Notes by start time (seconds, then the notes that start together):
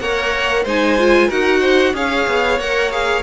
0.00 A#3 A#4 C#5 F#5
0.64 G#3 D#4 C5 G#5
0.99 F4
1.28 D#4 F#4 A#4 F#5
1.61 C5
1.94 C#4 G#4 C#5 F5
2.27 B3
2.60 A#3 A#4 F#5
2.92 G#4 F5